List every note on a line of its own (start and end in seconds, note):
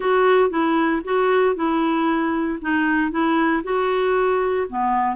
0.00 0.50 F#4
0.50 1.02 E4
1.04 1.55 F#4
1.55 2.59 E4
2.61 3.11 D#4
3.11 3.62 E4
3.63 4.67 F#4
4.69 5.16 B3